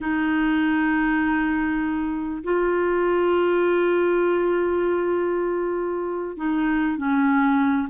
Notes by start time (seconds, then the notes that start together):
0.01 D#4
2.43 F4
6.36 D#4
6.97 C#4